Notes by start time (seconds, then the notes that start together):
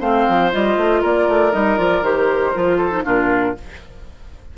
0.00 A3 C4 C5 F5
0.28 F3
0.52 G3 F4 D#5
0.77 A3
1.02 A#3 A#4 D5
1.28 A3
1.52 G3 D#4 D#5
1.78 F3 F4 D5
2.02 D#3 G4 C5
2.55 F3 F4
2.78 A4
2.91 D#4
3.04 A#2 D4 F4 A#4